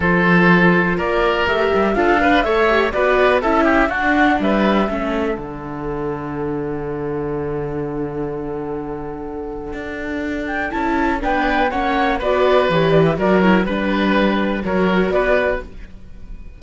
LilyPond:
<<
  \new Staff \with { instrumentName = "flute" } { \time 4/4 \tempo 4 = 123 c''2 d''4 e''4 | f''4 e''4 d''4 e''4 | fis''4 e''2 fis''4~ | fis''1~ |
fis''1~ | fis''4. g''8 a''4 g''4 | fis''4 d''4 cis''8 d''16 e''16 d''8 cis''8 | b'2 cis''4 d''4 | }
  \new Staff \with { instrumentName = "oboe" } { \time 4/4 a'2 ais'2 | a'8 b'8 cis''4 b'4 a'8 g'8 | fis'4 b'4 a'2~ | a'1~ |
a'1~ | a'2. b'4 | cis''4 b'2 ais'4 | b'2 ais'4 b'4 | }
  \new Staff \with { instrumentName = "viola" } { \time 4/4 f'2. g'4 | f'8 d'8 a'8 g'8 fis'4 e'4 | d'2 cis'4 d'4~ | d'1~ |
d'1~ | d'2 e'4 d'4 | cis'4 fis'4 g'4 fis'8 e'8 | d'2 fis'2 | }
  \new Staff \with { instrumentName = "cello" } { \time 4/4 f2 ais4 a8 g8 | d'4 a4 b4 cis'4 | d'4 g4 a4 d4~ | d1~ |
d1 | d'2 cis'4 b4 | ais4 b4 e4 fis4 | g2 fis4 b4 | }
>>